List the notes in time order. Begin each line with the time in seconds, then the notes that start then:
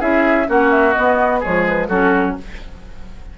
0.00 C#4 E4 G#4 E5
0.46 A#3 C#4 F#4 F#5
0.71 E5
0.93 B3 D#5
1.40 G#3 G#4 C#5
1.47 F3
1.68 B4
1.88 F#3 C#4 F#4 A4